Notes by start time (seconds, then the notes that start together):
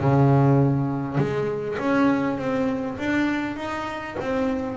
0.00 C#3
1.17 G#3
1.79 C#4
2.37 C4
2.98 D4
3.56 D#4
4.20 C4